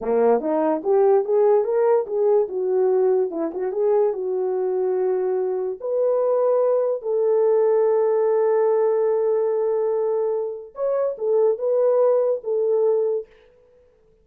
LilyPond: \new Staff \with { instrumentName = "horn" } { \time 4/4 \tempo 4 = 145 ais4 dis'4 g'4 gis'4 | ais'4 gis'4 fis'2 | e'8 fis'8 gis'4 fis'2~ | fis'2 b'2~ |
b'4 a'2.~ | a'1~ | a'2 cis''4 a'4 | b'2 a'2 | }